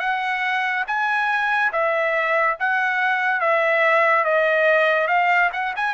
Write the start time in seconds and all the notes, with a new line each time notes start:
0.00 F#5
0.88 G#5
1.73 E5
2.60 F#5
3.41 E5
4.25 D#5
5.08 F5
5.53 F#5
5.77 G#5